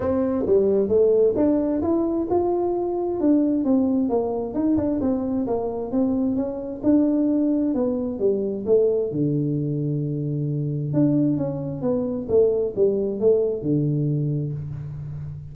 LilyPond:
\new Staff \with { instrumentName = "tuba" } { \time 4/4 \tempo 4 = 132 c'4 g4 a4 d'4 | e'4 f'2 d'4 | c'4 ais4 dis'8 d'8 c'4 | ais4 c'4 cis'4 d'4~ |
d'4 b4 g4 a4 | d1 | d'4 cis'4 b4 a4 | g4 a4 d2 | }